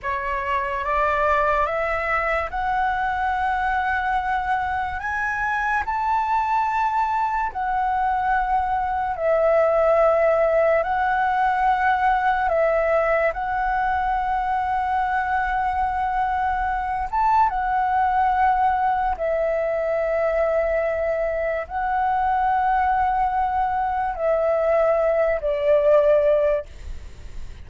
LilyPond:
\new Staff \with { instrumentName = "flute" } { \time 4/4 \tempo 4 = 72 cis''4 d''4 e''4 fis''4~ | fis''2 gis''4 a''4~ | a''4 fis''2 e''4~ | e''4 fis''2 e''4 |
fis''1~ | fis''8 a''8 fis''2 e''4~ | e''2 fis''2~ | fis''4 e''4. d''4. | }